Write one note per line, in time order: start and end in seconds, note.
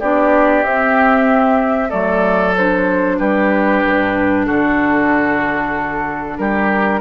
0.00 0.64 B3
0.00 0.64 D4
0.00 1.89 G4
0.00 0.64 D5
0.64 1.92 C4
0.64 1.90 C4
0.64 1.91 E5
1.89 3.20 F#3
1.89 2.54 A3
1.89 3.17 A4
1.89 2.55 D5
2.57 7.01 D4
2.57 3.19 C5
3.19 3.84 G3
3.19 4.46 G4
3.19 4.47 B4
3.85 4.49 G2
4.46 6.39 D3
4.46 6.38 F#4
4.46 6.38 A4
6.38 7.01 G3
6.38 7.01 G4
6.38 7.01 A#4